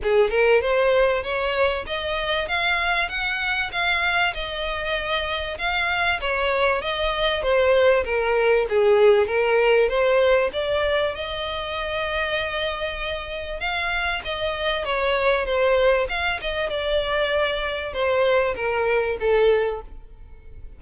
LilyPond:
\new Staff \with { instrumentName = "violin" } { \time 4/4 \tempo 4 = 97 gis'8 ais'8 c''4 cis''4 dis''4 | f''4 fis''4 f''4 dis''4~ | dis''4 f''4 cis''4 dis''4 | c''4 ais'4 gis'4 ais'4 |
c''4 d''4 dis''2~ | dis''2 f''4 dis''4 | cis''4 c''4 f''8 dis''8 d''4~ | d''4 c''4 ais'4 a'4 | }